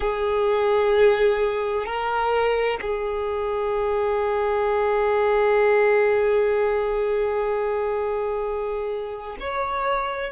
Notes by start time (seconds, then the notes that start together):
0.00 G#4
1.85 A#4
2.81 G#4
9.40 C#5